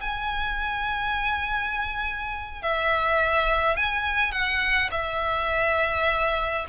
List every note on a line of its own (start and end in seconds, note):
0.00 2.62 G#5
2.62 3.76 E5
3.76 4.31 G#5
4.31 4.90 F#5
4.91 6.65 E5